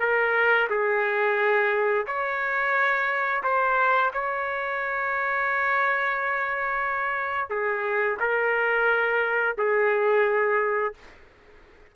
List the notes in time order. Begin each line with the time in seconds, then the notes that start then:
0.00 A#4
0.70 G#4
2.07 C#5
3.44 C5
4.14 C#5
7.50 G#4
8.20 A#4
9.59 G#4